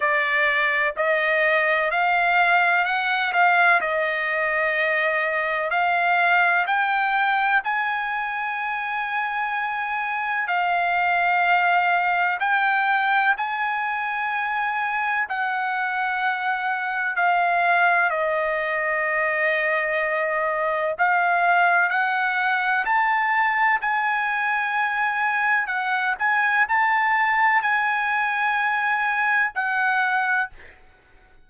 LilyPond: \new Staff \with { instrumentName = "trumpet" } { \time 4/4 \tempo 4 = 63 d''4 dis''4 f''4 fis''8 f''8 | dis''2 f''4 g''4 | gis''2. f''4~ | f''4 g''4 gis''2 |
fis''2 f''4 dis''4~ | dis''2 f''4 fis''4 | a''4 gis''2 fis''8 gis''8 | a''4 gis''2 fis''4 | }